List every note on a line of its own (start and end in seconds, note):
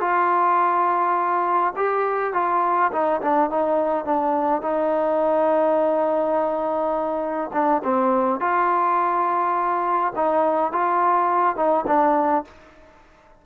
0.00 1.73 F4
1.76 2.33 G4
2.33 2.91 F4
2.92 3.21 D#4
3.21 3.50 D4
3.50 4.05 D#4
4.05 4.62 D4
4.62 7.50 D#4
7.53 7.82 D4
7.84 8.40 C4
8.40 10.13 F4
10.15 10.72 D#4
10.72 11.56 F4
11.56 11.85 D#4
11.87 12.45 D4